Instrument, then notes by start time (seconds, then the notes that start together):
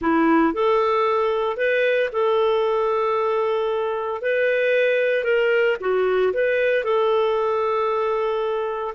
clarinet
0.01 E4
0.53 A4
1.56 B4
2.12 A4
4.21 B4
5.24 A#4
5.80 F#4
6.33 B4
6.83 A4